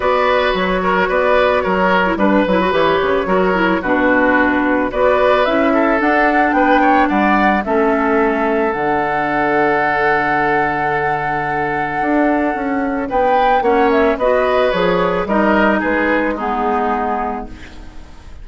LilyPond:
<<
  \new Staff \with { instrumentName = "flute" } { \time 4/4 \tempo 4 = 110 d''4 cis''4 d''4 cis''4 | b'4 cis''2 b'4~ | b'4 d''4 e''4 fis''4 | g''4 fis''4 e''2 |
fis''1~ | fis''1 | g''4 fis''8 e''8 dis''4 cis''4 | dis''4 b'4 gis'2 | }
  \new Staff \with { instrumentName = "oboe" } { \time 4/4 b'4. ais'8 b'4 ais'4 | b'2 ais'4 fis'4~ | fis'4 b'4. a'4. | b'8 cis''8 d''4 a'2~ |
a'1~ | a'1 | b'4 cis''4 b'2 | ais'4 gis'4 dis'2 | }
  \new Staff \with { instrumentName = "clarinet" } { \time 4/4 fis'2.~ fis'8. e'16 | d'8 e'16 fis'16 g'4 fis'8 e'8 d'4~ | d'4 fis'4 e'4 d'4~ | d'2 cis'2 |
d'1~ | d'1~ | d'4 cis'4 fis'4 gis'4 | dis'2 b2 | }
  \new Staff \with { instrumentName = "bassoon" } { \time 4/4 b4 fis4 b4 fis4 | g8 fis8 e8 cis8 fis4 b,4~ | b,4 b4 cis'4 d'4 | b4 g4 a2 |
d1~ | d2 d'4 cis'4 | b4 ais4 b4 f4 | g4 gis2. | }
>>